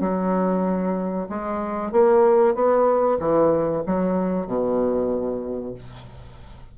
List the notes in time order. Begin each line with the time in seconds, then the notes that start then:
0.00 F#3
1.29 G#3
1.91 A#3
2.54 B3
3.19 E3
3.86 F#3
4.47 B2